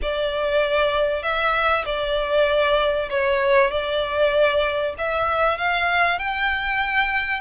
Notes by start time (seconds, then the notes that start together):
0.02 D5
1.22 E5
1.85 D5
3.10 C#5
3.70 D5
4.98 E5
5.58 F5
6.19 G5